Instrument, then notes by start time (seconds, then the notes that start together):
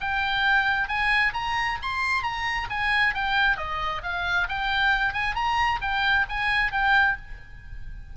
oboe
0.00 G5
0.88 G#5
1.33 A#5
1.82 C6
2.22 A#5
2.69 G#5
3.14 G5
3.56 D#5
4.03 F5
4.48 G5
5.13 G#5
5.35 A#5
5.81 G5
6.28 G#5
6.71 G5